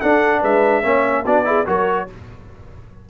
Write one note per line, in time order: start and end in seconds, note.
0.00 0.83 D4
0.00 0.42 D4
0.00 0.40 A4
0.00 0.41 F#5
0.40 0.84 G#3
0.40 0.82 B4
0.40 1.25 E5
0.82 1.25 A#3
0.82 1.24 C#4
0.82 1.23 C#5
1.24 1.66 B3
1.24 1.44 D4
1.24 1.44 F#4
1.24 1.67 D5
1.44 1.65 E4
1.44 1.66 G#4
1.65 2.09 F#3
1.65 2.07 F#4
1.65 2.08 A#4
1.65 2.09 C#5